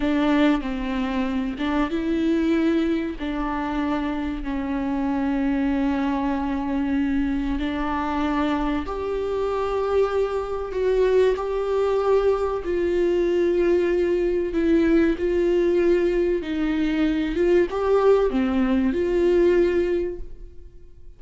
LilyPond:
\new Staff \with { instrumentName = "viola" } { \time 4/4 \tempo 4 = 95 d'4 c'4. d'8 e'4~ | e'4 d'2 cis'4~ | cis'1 | d'2 g'2~ |
g'4 fis'4 g'2 | f'2. e'4 | f'2 dis'4. f'8 | g'4 c'4 f'2 | }